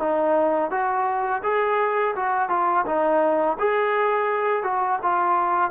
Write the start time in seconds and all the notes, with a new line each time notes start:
0.00 D#4
0.71 F#4
1.44 G#4
2.16 F#4
2.50 F4
2.86 D#4
3.60 G#4
4.64 F#4
5.03 F4